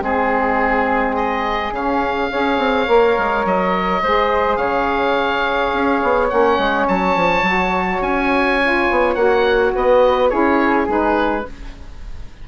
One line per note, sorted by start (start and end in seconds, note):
0.00 1.72 G#3
0.00 1.71 C4
0.00 1.16 G#4
0.00 2.31 G#4
1.16 1.73 D#5
1.72 2.29 C#3
1.72 2.30 C#4
1.72 3.46 F5
2.31 2.58 C#4
2.31 2.87 G#4
2.31 4.02 C#5
2.58 2.87 C4
2.87 3.17 A#3
2.87 4.01 A#4
3.18 3.45 G#3
3.45 4.02 F#3
3.45 4.56 D#5
4.02 4.57 G#3
4.02 6.29 G#4
4.02 4.58 C5
4.56 5.71 C#3
4.56 9.72 C#5
4.56 6.28 F5
5.73 6.01 C#4
6.03 6.31 B3
6.29 6.58 A#3
6.29 7.43 C#4
6.29 6.87 F#5
6.58 6.87 G#3
6.88 7.16 F#3
6.88 8.02 A5
7.16 7.43 F3
7.43 8.00 F#3
7.43 8.60 F#4
8.01 8.87 C#4
8.01 9.15 G#5
8.62 9.17 F4
8.90 9.15 B3
9.15 9.72 A#3
9.15 10.30 F#4
9.15 9.72 F#5
9.74 10.32 B3
9.74 10.31 B4
9.74 10.29 D#5
10.29 10.88 C#4
10.29 10.87 E4
10.29 11.45 G#4
10.29 10.86 C#5
10.88 11.45 G#3
10.88 11.45 D#4
10.88 11.48 B4